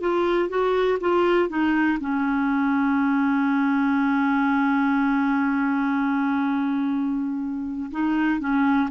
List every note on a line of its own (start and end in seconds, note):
0.00 0.49 F4
0.49 0.98 F#4
1.00 1.49 F4
1.49 1.98 D#4
2.00 7.90 C#4
7.91 8.40 D#4
8.40 8.89 C#4